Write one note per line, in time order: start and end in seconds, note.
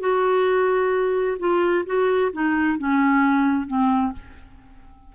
0.00 1.37 F#4
1.39 1.85 F4
1.86 2.32 F#4
2.33 2.78 D#4
2.78 3.67 C#4
3.67 4.13 C4